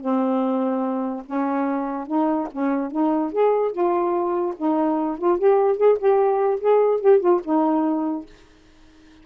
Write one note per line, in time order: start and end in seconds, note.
0.00 1.23 C4
1.26 2.07 C#4
2.07 2.48 D#4
2.51 2.91 C#4
2.91 3.32 D#4
3.32 3.72 G#4
3.72 4.54 F4
4.57 5.18 D#4
5.18 5.38 F4
5.38 5.77 G4
5.77 5.97 G#4
5.98 6.60 G4
6.60 7.01 G#4
7.01 7.20 G4
7.20 7.41 F4
7.44 8.26 D#4